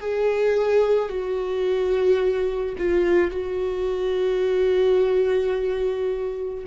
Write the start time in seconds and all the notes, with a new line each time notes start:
0.00 G#4
1.09 F#4
2.77 F4
3.31 F#4